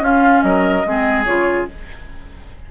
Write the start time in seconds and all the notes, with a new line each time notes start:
0.00 C#4 F4 F5
0.42 F#3 A#4 D#5
0.86 G#3 C4 G#4
1.25 C#3 F4 C#5